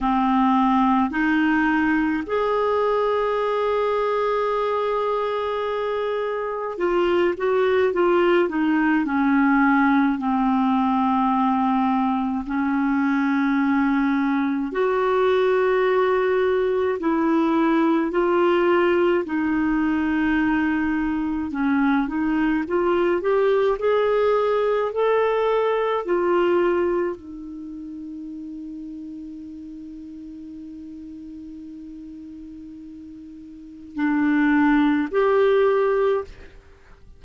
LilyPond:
\new Staff \with { instrumentName = "clarinet" } { \time 4/4 \tempo 4 = 53 c'4 dis'4 gis'2~ | gis'2 f'8 fis'8 f'8 dis'8 | cis'4 c'2 cis'4~ | cis'4 fis'2 e'4 |
f'4 dis'2 cis'8 dis'8 | f'8 g'8 gis'4 a'4 f'4 | dis'1~ | dis'2 d'4 g'4 | }